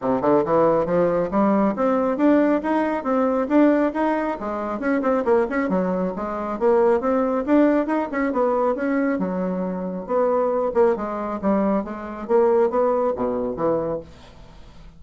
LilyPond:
\new Staff \with { instrumentName = "bassoon" } { \time 4/4 \tempo 4 = 137 c8 d8 e4 f4 g4 | c'4 d'4 dis'4 c'4 | d'4 dis'4 gis4 cis'8 c'8 | ais8 cis'8 fis4 gis4 ais4 |
c'4 d'4 dis'8 cis'8 b4 | cis'4 fis2 b4~ | b8 ais8 gis4 g4 gis4 | ais4 b4 b,4 e4 | }